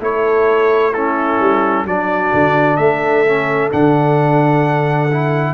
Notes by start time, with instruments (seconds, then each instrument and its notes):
0.00 tuba A3, trombone E4, horn A4, trumpet C#5
0.93 trombone C#4, horn E4, trumpet A4
1.40 tuba G3
1.85 tuba F#3, trombone D4, horn F#4, trumpet D5
2.33 tuba D3
2.77 tuba A3, horn A4, trumpet E5
3.26 trombone C#4
3.71 tuba D3, trombone D4, trumpet F#5
5.11 trombone E4